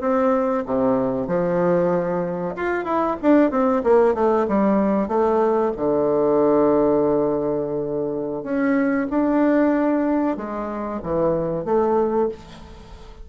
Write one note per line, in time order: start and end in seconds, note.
0.00 0.64 C4
0.65 1.27 C3
1.27 2.55 F3
2.56 2.84 F4
2.84 3.16 E4
3.22 3.50 D4
3.50 3.82 C4
3.83 4.14 A#3
4.14 4.46 A3
4.48 5.08 G3
5.08 5.72 A3
5.76 8.43 D3
8.43 9.07 C#4
9.10 10.36 D4
10.36 11.00 G#3
11.03 11.65 E3
11.65 12.28 A3